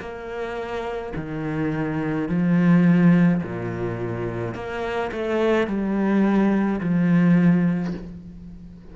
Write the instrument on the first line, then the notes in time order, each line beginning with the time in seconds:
cello
0.00 A#3
1.16 D#3
2.29 F3
3.43 A#2
4.55 A#3
5.12 A3
5.68 G3
6.81 F3